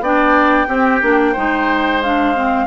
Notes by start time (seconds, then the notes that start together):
0.00 B3 D4 D5 G5
0.67 C4 G4
1.02 A#3 D4
1.32 G#3 D#4 C5
2.03 D4 F5
2.35 C4